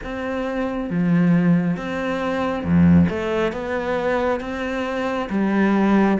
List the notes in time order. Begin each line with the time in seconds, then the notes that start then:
0.03 C4
0.89 F3
1.76 C4
2.64 F2
3.09 A3
3.52 B3
4.40 C4
5.29 G3